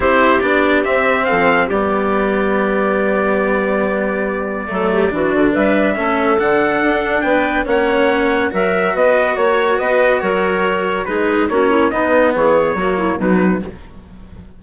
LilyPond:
<<
  \new Staff \with { instrumentName = "trumpet" } { \time 4/4 \tempo 4 = 141 c''4 d''4 e''4 f''4 | d''1~ | d''1~ | d''4 e''2 fis''4~ |
fis''4 g''4 fis''2 | e''4 dis''4 cis''4 dis''4 | cis''2 b'4 cis''4 | dis''4 cis''2 b'4 | }
  \new Staff \with { instrumentName = "clarinet" } { \time 4/4 g'2. a'4 | g'1~ | g'2. a'8 g'8 | fis'4 b'4 a'2~ |
a'4 b'4 cis''2 | ais'4 b'4 cis''4 b'4 | ais'2 gis'4 fis'8 e'8 | dis'4 gis'4 fis'8 e'8 dis'4 | }
  \new Staff \with { instrumentName = "cello" } { \time 4/4 e'4 d'4 c'2 | b1~ | b2. a4 | d'2 cis'4 d'4~ |
d'2 cis'2 | fis'1~ | fis'2 dis'4 cis'4 | b2 ais4 fis4 | }
  \new Staff \with { instrumentName = "bassoon" } { \time 4/4 c'4 b4 c'4 f4 | g1~ | g2. fis4 | e8 d8 g4 a4 d4 |
d'4 b4 ais2 | fis4 b4 ais4 b4 | fis2 gis4 ais4 | b4 e4 fis4 b,4 | }
>>